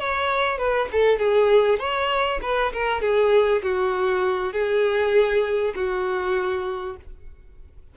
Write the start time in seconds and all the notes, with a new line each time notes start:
0.00 C#5
0.58 B4
0.92 A4
1.19 G#4
1.80 C#5
2.42 B4
2.73 A#4
3.02 G#4
3.63 F#4
4.53 G#4
5.75 F#4